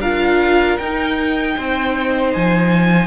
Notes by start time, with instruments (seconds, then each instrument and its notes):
0.00 cello D4, viola F4, violin A#4 F5
0.78 cello D#4, viola D#4, violin G5
1.57 cello C4, violin C5
2.34 cello F3, violin G#5